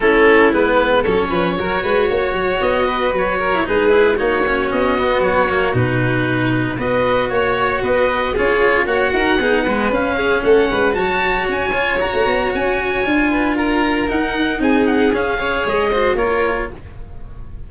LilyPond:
<<
  \new Staff \with { instrumentName = "oboe" } { \time 4/4 \tempo 4 = 115 a'4 b'4 cis''2~ | cis''4 dis''4 cis''4 b'4 | cis''4 dis''4 cis''4 b'4~ | b'4 dis''4 cis''4 dis''4 |
cis''4 fis''2 f''4 | fis''4 a''4 gis''4 ais''4 | gis''2 ais''4 fis''4 | gis''8 fis''8 f''4 dis''4 cis''4 | }
  \new Staff \with { instrumentName = "violin" } { \time 4/4 e'2 a'8 b'8 ais'8 b'8 | cis''4. b'4 ais'8 gis'4 | fis'1~ | fis'4 b'4 cis''4 b'4 |
gis'4 cis''8 ais'8 gis'8 b'4 gis'8 | a'8 b'8 cis''2.~ | cis''4. b'8 ais'2 | gis'4. cis''4 c''8 ais'4 | }
  \new Staff \with { instrumentName = "cello" } { \time 4/4 cis'4 b4 cis'4 fis'4~ | fis'2~ fis'8. e'16 dis'8 e'8 | dis'8 cis'4 b4 ais8 dis'4~ | dis'4 fis'2. |
f'4 fis'4 dis'8 gis8 cis'4~ | cis'4 fis'4. f'8 fis'4~ | fis'4 f'2 dis'4~ | dis'4 cis'8 gis'4 fis'8 f'4 | }
  \new Staff \with { instrumentName = "tuba" } { \time 4/4 a4 gis4 fis8 f8 fis8 gis8 | ais8 fis8 b4 fis4 gis4 | ais4 b4 fis4 b,4~ | b,4 b4 ais4 b4 |
cis'4 ais8 dis'8 b4 cis'4 | a8 gis8 fis4 cis'4 fis'16 a16 b8 | cis'4 d'2 dis'4 | c'4 cis'4 gis4 ais4 | }
>>